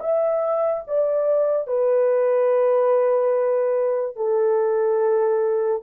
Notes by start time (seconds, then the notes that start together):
0.00 E5
0.87 D5
1.67 B4
4.16 A4